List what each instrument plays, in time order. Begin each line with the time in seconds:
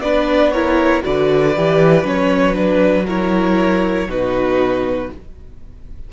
0.00 cello B3, viola D4, violin B4 D5
0.52 viola E4, violin A#4 C#5
1.03 cello D3, viola F#4, violin B4 D5
1.57 cello E3, viola G4
2.04 cello F#3, viola C#4, violin C#5
2.54 viola D4, violin B4
3.07 viola E4, violin A#4 C#5
4.07 cello B2, viola D#4, violin F#4 B4